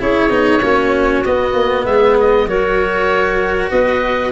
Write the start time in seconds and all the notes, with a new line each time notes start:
0.00 C#4 E4 G#4 C#5
0.30 B3 D#4
0.62 A#3 C#4 F#4
1.25 B3 D#5
1.53 A#3
1.85 G#3 G#4 E5
2.20 D#5
2.46 F#3 F#4 A#4 C#5
3.70 B3 B4 D#5